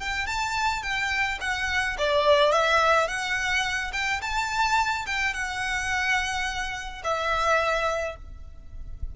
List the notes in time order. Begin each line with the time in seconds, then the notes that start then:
0.00 G5
0.27 A5
0.82 G5
1.40 F#5
1.98 D5
2.52 E5
3.08 F#5
3.93 G5
4.21 A5
5.06 G5
5.34 F#5
7.03 E5